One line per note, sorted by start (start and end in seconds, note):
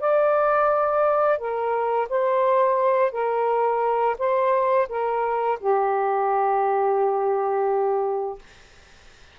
0.00 1.39 D5
1.39 2.08 A#4
2.09 3.12 C5
3.12 4.17 A#4
4.19 4.88 C5
4.89 5.59 A#4
5.60 8.39 G4